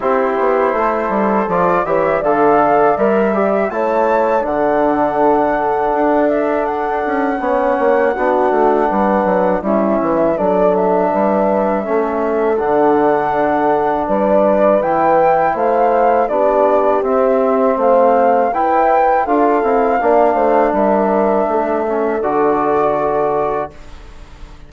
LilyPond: <<
  \new Staff \with { instrumentName = "flute" } { \time 4/4 \tempo 4 = 81 c''2 d''8 e''8 f''4 | e''4 a''4 fis''2~ | fis''8 e''8 fis''2.~ | fis''4 e''4 d''8 e''4.~ |
e''4 fis''2 d''4 | g''4 f''4 d''4 e''4 | f''4 g''4 f''2 | e''2 d''2 | }
  \new Staff \with { instrumentName = "horn" } { \time 4/4 g'4 a'4. cis''8 d''4~ | d''4 cis''4 a'2~ | a'2 cis''4 fis'4 | b'4 e'4 a'4 b'4 |
a'2. b'4~ | b'4 c''4 g'2 | c''4 b'4 a'4 d''8 c''8 | ais'4 a'2. | }
  \new Staff \with { instrumentName = "trombone" } { \time 4/4 e'2 f'8 g'8 a'4 | ais'8 g'8 e'4 d'2~ | d'2 cis'4 d'4~ | d'4 cis'4 d'2 |
cis'4 d'2. | e'2 d'4 c'4~ | c'4 e'4 f'8 e'8 d'4~ | d'4. cis'8 fis'2 | }
  \new Staff \with { instrumentName = "bassoon" } { \time 4/4 c'8 b8 a8 g8 f8 e8 d4 | g4 a4 d2 | d'4. cis'8 b8 ais8 b8 a8 | g8 fis8 g8 e8 fis4 g4 |
a4 d2 g4 | e4 a4 b4 c'4 | a4 e'4 d'8 c'8 ais8 a8 | g4 a4 d2 | }
>>